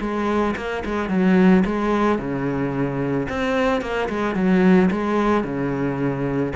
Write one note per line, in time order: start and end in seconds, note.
0.00 0.55 G#3
0.56 0.83 A#3
0.85 1.09 G#3
1.09 1.63 F#3
1.65 2.18 G#3
2.18 3.27 C#3
3.28 3.81 C4
3.81 4.08 A#3
4.08 4.35 G#3
4.35 4.89 F#3
4.90 5.43 G#3
5.43 6.53 C#3